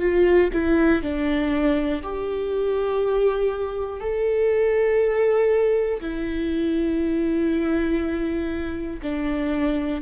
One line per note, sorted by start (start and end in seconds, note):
0.00 0.50 F4
0.53 1.02 E4
1.02 2.02 D4
2.03 4.00 G4
4.00 6.00 A4
6.00 9.00 E4
9.02 10.02 D4